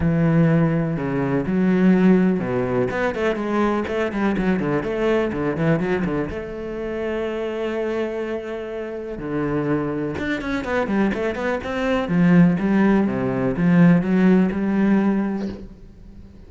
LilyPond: \new Staff \with { instrumentName = "cello" } { \time 4/4 \tempo 4 = 124 e2 cis4 fis4~ | fis4 b,4 b8 a8 gis4 | a8 g8 fis8 d8 a4 d8 e8 | fis8 d8 a2.~ |
a2. d4~ | d4 d'8 cis'8 b8 g8 a8 b8 | c'4 f4 g4 c4 | f4 fis4 g2 | }